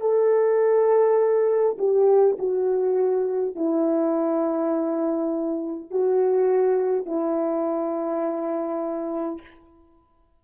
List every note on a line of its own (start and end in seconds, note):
0.00 1.76 A4
1.78 2.36 G4
2.38 3.55 F#4
3.55 5.90 E4
5.90 7.05 F#4
7.05 9.41 E4